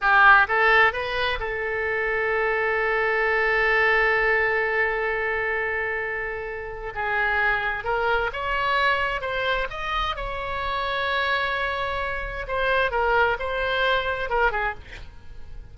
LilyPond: \new Staff \with { instrumentName = "oboe" } { \time 4/4 \tempo 4 = 130 g'4 a'4 b'4 a'4~ | a'1~ | a'1~ | a'2. gis'4~ |
gis'4 ais'4 cis''2 | c''4 dis''4 cis''2~ | cis''2. c''4 | ais'4 c''2 ais'8 gis'8 | }